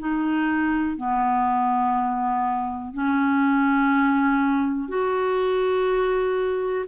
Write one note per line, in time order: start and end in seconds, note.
0.00 0.97 D#4
0.97 2.94 B3
2.94 4.89 C#4
4.89 6.86 F#4